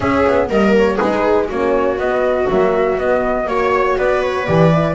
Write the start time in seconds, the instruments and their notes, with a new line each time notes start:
0.00 horn C#4, double bass C#4, viola G#4, flute E5
0.26 double bass B3
0.49 double bass G3, horn A#3, viola A#4, flute D#5
0.76 flute C#5
0.95 double bass G#3, horn D#4, viola G#4, flute B4
1.48 double bass A#3, horn C#4, viola F#4, flute C#5
1.97 double bass B3, horn B3, flute D#5
2.48 double bass F#3, horn A#3, flute E5
2.97 double bass B3, horn B3, flute D#5
3.46 double bass A#3, horn F#4, flute C#5, viola C#5
3.97 double bass B3, viola B4, flute D5
4.22 flute C#5
4.45 double bass E3, horn G4, flute D5
4.72 horn E4